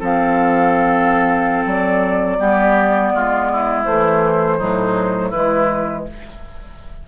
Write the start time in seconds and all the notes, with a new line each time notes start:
0.00 F3 C4 A4 F5
1.66 F#3 D5
2.39 G3 B3 G4
3.15 G#3 F4
3.52 E4
3.85 E3 A3 C5
4.58 A2 F#3 D#4
5.30 E3 G#3 E4 B4